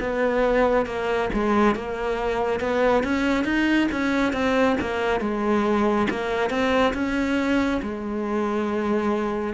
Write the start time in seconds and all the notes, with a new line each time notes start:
0.00 B3
0.86 A#3
1.33 G#3
1.75 A#3
2.60 B3
3.04 C#4
3.45 D#4
3.92 C#4
4.33 C4
4.81 A#3
5.21 G#3
6.10 A#3
6.50 C4
6.94 C#4
7.82 G#3